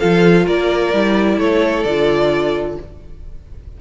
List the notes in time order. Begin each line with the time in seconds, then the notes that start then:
0.00 F3 F4 A4 F5
0.46 A#3 A#4 D5
0.93 G3 E4
1.38 A3 A4 C#5
1.84 D3 F4 D5